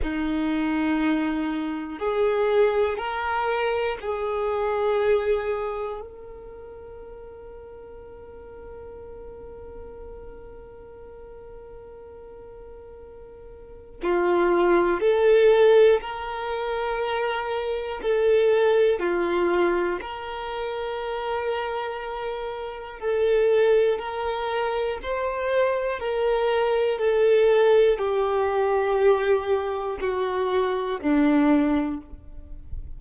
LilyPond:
\new Staff \with { instrumentName = "violin" } { \time 4/4 \tempo 4 = 60 dis'2 gis'4 ais'4 | gis'2 ais'2~ | ais'1~ | ais'2 f'4 a'4 |
ais'2 a'4 f'4 | ais'2. a'4 | ais'4 c''4 ais'4 a'4 | g'2 fis'4 d'4 | }